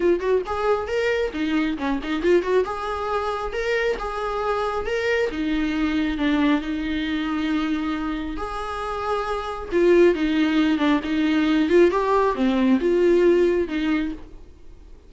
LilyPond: \new Staff \with { instrumentName = "viola" } { \time 4/4 \tempo 4 = 136 f'8 fis'8 gis'4 ais'4 dis'4 | cis'8 dis'8 f'8 fis'8 gis'2 | ais'4 gis'2 ais'4 | dis'2 d'4 dis'4~ |
dis'2. gis'4~ | gis'2 f'4 dis'4~ | dis'8 d'8 dis'4. f'8 g'4 | c'4 f'2 dis'4 | }